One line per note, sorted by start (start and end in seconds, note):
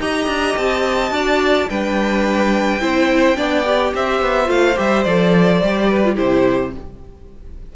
0.00 0.27 D#4
0.00 1.11 G4
0.00 1.13 D#5
0.00 0.57 A#5
0.27 0.55 D4
0.57 1.11 C4
0.57 1.69 A5
1.11 1.67 D4
1.11 1.67 F#4
1.11 1.69 D5
1.69 2.81 G3
1.69 2.80 D4
1.69 2.81 B4
1.69 3.94 G5
2.80 3.37 C4
2.80 3.36 E4
2.80 3.37 C5
3.36 3.93 B3
3.36 3.64 D4
3.36 3.93 D5
3.66 4.46 G4
3.94 4.21 C4
3.94 5.90 C5
3.94 4.50 E5
4.21 4.49 B3
4.46 4.77 A3
4.46 4.74 F4
4.46 4.78 F5
4.76 5.06 G3
4.76 5.04 G4
4.76 5.03 E5
5.03 5.62 F3
5.03 5.63 A4
5.03 6.15 D5
5.62 6.18 G3
5.62 6.04 G4
5.90 6.15 B4
6.04 6.15 F4
6.15 6.75 C3
6.15 6.71 E4
6.15 6.71 G4
6.15 6.73 C5